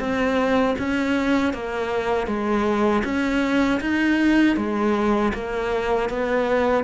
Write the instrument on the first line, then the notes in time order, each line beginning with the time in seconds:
cello
0.00 C4
0.79 C#4
1.54 A#3
2.28 G#3
3.04 C#4
3.81 D#4
4.57 G#3
5.34 A#3
6.10 B3